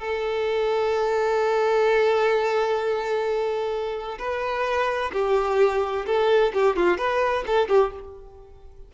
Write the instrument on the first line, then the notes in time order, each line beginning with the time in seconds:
violin
0.00 A4
4.19 B4
5.13 G4
6.07 A4
6.54 G4
6.77 F4
6.98 B4
7.47 A4
7.69 G4